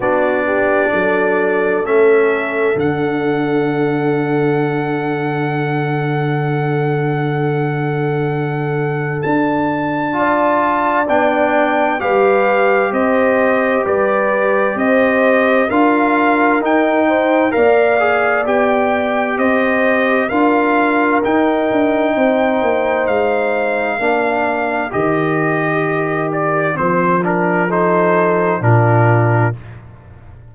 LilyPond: <<
  \new Staff \with { instrumentName = "trumpet" } { \time 4/4 \tempo 4 = 65 d''2 e''4 fis''4~ | fis''1~ | fis''2 a''2 | g''4 f''4 dis''4 d''4 |
dis''4 f''4 g''4 f''4 | g''4 dis''4 f''4 g''4~ | g''4 f''2 dis''4~ | dis''8 d''8 c''8 ais'8 c''4 ais'4 | }
  \new Staff \with { instrumentName = "horn" } { \time 4/4 fis'8 g'8 a'2.~ | a'1~ | a'2. d''4~ | d''4 b'4 c''4 b'4 |
c''4 ais'4. c''8 d''4~ | d''4 c''4 ais'2 | c''2 ais'2~ | ais'2 a'4 f'4 | }
  \new Staff \with { instrumentName = "trombone" } { \time 4/4 d'2 cis'4 d'4~ | d'1~ | d'2. f'4 | d'4 g'2.~ |
g'4 f'4 dis'4 ais'8 gis'8 | g'2 f'4 dis'4~ | dis'2 d'4 g'4~ | g'4 c'8 d'8 dis'4 d'4 | }
  \new Staff \with { instrumentName = "tuba" } { \time 4/4 b4 fis4 a4 d4~ | d1~ | d2 d'2 | b4 g4 c'4 g4 |
c'4 d'4 dis'4 ais4 | b4 c'4 d'4 dis'8 d'8 | c'8 ais8 gis4 ais4 dis4~ | dis4 f2 ais,4 | }
>>